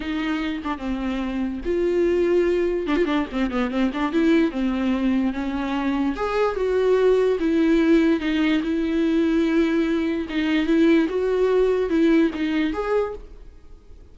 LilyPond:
\new Staff \with { instrumentName = "viola" } { \time 4/4 \tempo 4 = 146 dis'4. d'8 c'2 | f'2. d'16 f'16 d'8 | c'8 b8 c'8 d'8 e'4 c'4~ | c'4 cis'2 gis'4 |
fis'2 e'2 | dis'4 e'2.~ | e'4 dis'4 e'4 fis'4~ | fis'4 e'4 dis'4 gis'4 | }